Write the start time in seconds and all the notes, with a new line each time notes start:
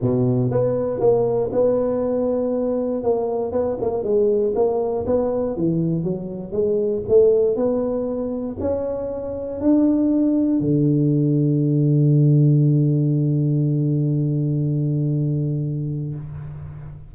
0.01 B2
0.50 B3
1.00 A#3
1.52 B3
3.03 A#3
3.52 B3
3.81 A#3
4.03 G#3
4.55 A#3
5.06 B3
5.56 E3
6.03 F#3
6.52 G#3
7.08 A3
7.56 B3
8.60 C#4
9.61 D4
10.60 D3